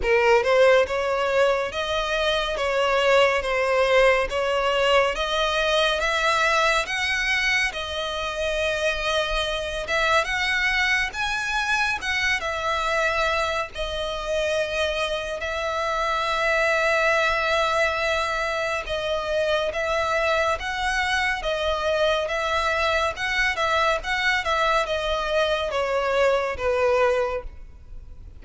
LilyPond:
\new Staff \with { instrumentName = "violin" } { \time 4/4 \tempo 4 = 70 ais'8 c''8 cis''4 dis''4 cis''4 | c''4 cis''4 dis''4 e''4 | fis''4 dis''2~ dis''8 e''8 | fis''4 gis''4 fis''8 e''4. |
dis''2 e''2~ | e''2 dis''4 e''4 | fis''4 dis''4 e''4 fis''8 e''8 | fis''8 e''8 dis''4 cis''4 b'4 | }